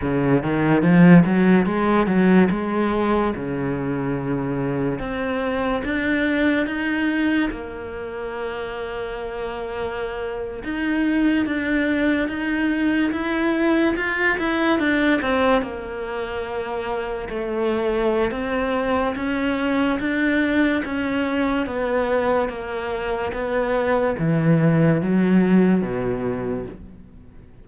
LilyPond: \new Staff \with { instrumentName = "cello" } { \time 4/4 \tempo 4 = 72 cis8 dis8 f8 fis8 gis8 fis8 gis4 | cis2 c'4 d'4 | dis'4 ais2.~ | ais8. dis'4 d'4 dis'4 e'16~ |
e'8. f'8 e'8 d'8 c'8 ais4~ ais16~ | ais8. a4~ a16 c'4 cis'4 | d'4 cis'4 b4 ais4 | b4 e4 fis4 b,4 | }